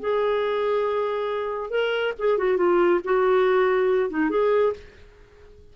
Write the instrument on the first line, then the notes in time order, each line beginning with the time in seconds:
clarinet
0.00 G#4
1.70 A#4
2.19 G#4
2.38 F#4
2.57 F4
3.04 F#4
4.10 D#4
4.30 G#4